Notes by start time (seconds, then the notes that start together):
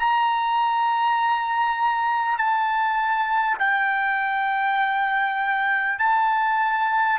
0.00 A#5
2.38 A5
3.59 G5
5.99 A5